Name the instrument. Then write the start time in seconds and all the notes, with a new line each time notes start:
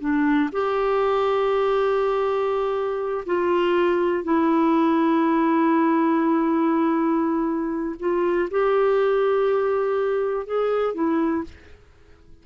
clarinet
0.00 D4
0.52 G4
3.25 F4
4.24 E4
7.99 F4
8.50 G4
10.46 G#4
10.94 E4